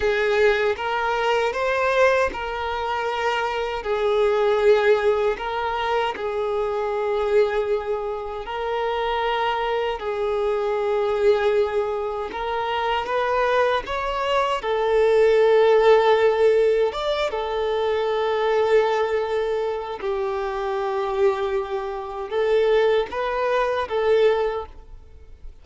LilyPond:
\new Staff \with { instrumentName = "violin" } { \time 4/4 \tempo 4 = 78 gis'4 ais'4 c''4 ais'4~ | ais'4 gis'2 ais'4 | gis'2. ais'4~ | ais'4 gis'2. |
ais'4 b'4 cis''4 a'4~ | a'2 d''8 a'4.~ | a'2 g'2~ | g'4 a'4 b'4 a'4 | }